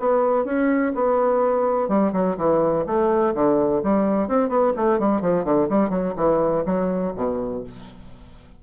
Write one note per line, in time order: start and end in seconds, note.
0.00 0.45 B3
0.45 0.93 C#4
0.95 1.89 B3
1.89 2.13 G3
2.13 2.37 F#3
2.38 2.85 E3
2.87 3.34 A3
3.35 3.82 D3
3.84 4.28 G3
4.28 4.49 C4
4.49 4.73 B3
4.77 5.00 A3
5.00 5.21 G3
5.21 5.45 F3
5.45 5.68 D3
5.70 5.90 G3
5.90 6.14 F#3
6.17 6.65 E3
6.66 7.14 F#3
7.16 7.63 B2